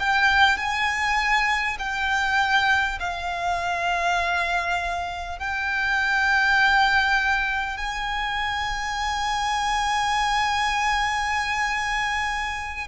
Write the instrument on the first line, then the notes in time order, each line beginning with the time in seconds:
violin
0.00 G5
0.58 G#5
1.79 G5
3.00 F5
5.39 G5
7.78 G#5